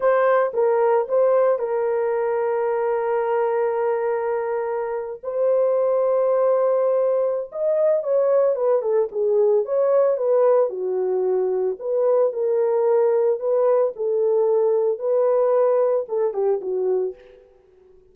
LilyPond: \new Staff \with { instrumentName = "horn" } { \time 4/4 \tempo 4 = 112 c''4 ais'4 c''4 ais'4~ | ais'1~ | ais'4.~ ais'16 c''2~ c''16~ | c''2 dis''4 cis''4 |
b'8 a'8 gis'4 cis''4 b'4 | fis'2 b'4 ais'4~ | ais'4 b'4 a'2 | b'2 a'8 g'8 fis'4 | }